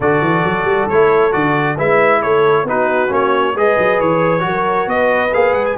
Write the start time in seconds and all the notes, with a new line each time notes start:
0.00 D3 F#4 A4 D5
0.21 E3
0.44 F#3
0.64 G3
0.89 A3 E4 C#5
1.31 D3 F#4 D5
1.76 G#3 E4 B4 E5
2.22 A3 A4 C#5
2.64 B3 D#4 F#4 B4
3.08 A#3 C#4 C#5
3.55 G#3 G#4 B4 D#5
3.78 F#3
3.99 E3 C#5
4.40 F#3 F#4 A#4
4.86 B3 B4 D#5
5.33 A#3 G#4 F5
5.52 G#3 F#5
5.65 G#5